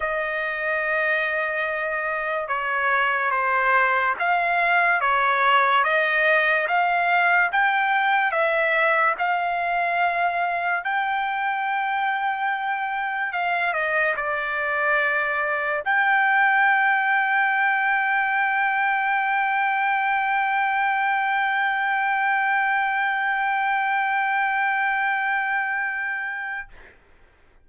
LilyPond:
\new Staff \with { instrumentName = "trumpet" } { \time 4/4 \tempo 4 = 72 dis''2. cis''4 | c''4 f''4 cis''4 dis''4 | f''4 g''4 e''4 f''4~ | f''4 g''2. |
f''8 dis''8 d''2 g''4~ | g''1~ | g''1~ | g''1 | }